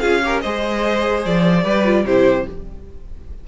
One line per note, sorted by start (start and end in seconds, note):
0.00 0.45 C#4
0.00 0.22 F4
0.00 0.22 G#4
0.00 0.41 F5
0.23 0.44 G4
0.23 0.42 A#4
0.41 1.26 G#3
0.41 1.65 G#4
0.41 1.64 C5
0.41 1.23 D#5
1.26 1.65 F3
1.26 2.07 D5
1.64 2.05 G3
1.64 1.86 G4
1.64 2.05 B4
1.86 2.06 F4
2.05 2.46 C3
2.05 2.48 E4
2.05 2.47 G4
2.05 2.48 C5